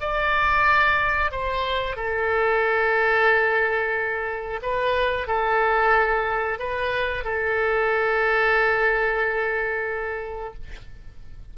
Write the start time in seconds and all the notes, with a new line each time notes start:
0.00 D5
1.31 C5
1.96 A4
4.62 B4
5.27 A4
6.58 B4
7.24 A4